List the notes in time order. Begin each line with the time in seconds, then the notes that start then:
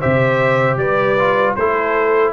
0.00 C3 G4 C5 E5
0.76 G3 B4 D5
1.19 F4
1.55 A3 E4 A4 C5